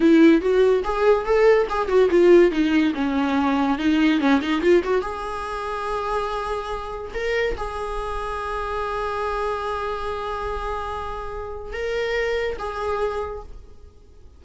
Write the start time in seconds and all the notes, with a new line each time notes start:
0.00 E4
0.41 F#4
0.84 G#4
1.25 A4
1.69 G#4
1.88 F#4
2.10 F4
2.51 D#4
2.94 C#4
3.78 D#4
4.19 C#4
4.41 D#4
4.61 F4
4.83 F#4
5.01 G#4
7.14 A#4
7.57 G#4
11.73 A#4
12.58 G#4